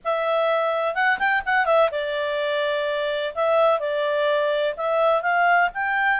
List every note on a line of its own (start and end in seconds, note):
0.04 0.94 E5
0.94 1.18 F#5
1.18 1.42 G5
1.45 1.65 F#5
1.65 1.89 E5
1.91 3.34 D5
3.34 3.79 E5
3.79 4.74 D5
4.76 5.22 E5
5.22 5.69 F5
5.74 6.20 G5